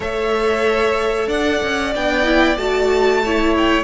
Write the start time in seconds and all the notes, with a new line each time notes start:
0.00 A3 A4 C#5 E5
1.27 D4 D5 F#5
1.63 C#4
1.95 B3 D4 G5
2.23 E4
2.56 A3 F#4 A5
3.24 E4 C#5
3.57 G5